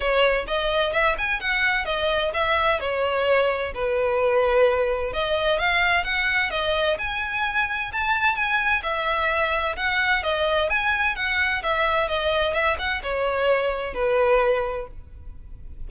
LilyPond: \new Staff \with { instrumentName = "violin" } { \time 4/4 \tempo 4 = 129 cis''4 dis''4 e''8 gis''8 fis''4 | dis''4 e''4 cis''2 | b'2. dis''4 | f''4 fis''4 dis''4 gis''4~ |
gis''4 a''4 gis''4 e''4~ | e''4 fis''4 dis''4 gis''4 | fis''4 e''4 dis''4 e''8 fis''8 | cis''2 b'2 | }